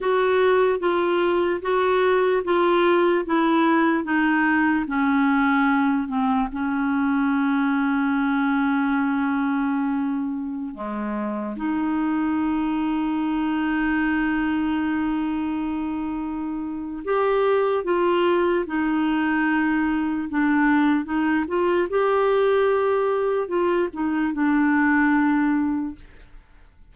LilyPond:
\new Staff \with { instrumentName = "clarinet" } { \time 4/4 \tempo 4 = 74 fis'4 f'4 fis'4 f'4 | e'4 dis'4 cis'4. c'8 | cis'1~ | cis'4~ cis'16 gis4 dis'4.~ dis'16~ |
dis'1~ | dis'4 g'4 f'4 dis'4~ | dis'4 d'4 dis'8 f'8 g'4~ | g'4 f'8 dis'8 d'2 | }